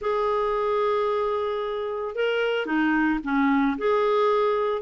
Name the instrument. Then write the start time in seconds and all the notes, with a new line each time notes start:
clarinet
0.01 G#4
2.15 A#4
2.66 D#4
3.23 C#4
3.77 G#4